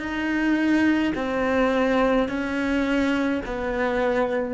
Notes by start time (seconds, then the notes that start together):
0.00 D#4
1.15 C4
2.28 C#4
3.46 B3